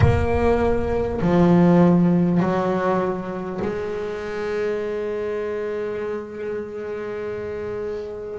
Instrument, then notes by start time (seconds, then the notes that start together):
double bass
0.00 A#3
1.20 F3
2.40 F#3
3.62 G#3